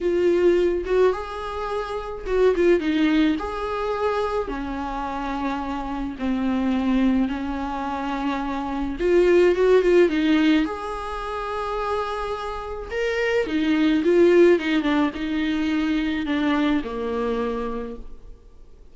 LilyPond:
\new Staff \with { instrumentName = "viola" } { \time 4/4 \tempo 4 = 107 f'4. fis'8 gis'2 | fis'8 f'8 dis'4 gis'2 | cis'2. c'4~ | c'4 cis'2. |
f'4 fis'8 f'8 dis'4 gis'4~ | gis'2. ais'4 | dis'4 f'4 dis'8 d'8 dis'4~ | dis'4 d'4 ais2 | }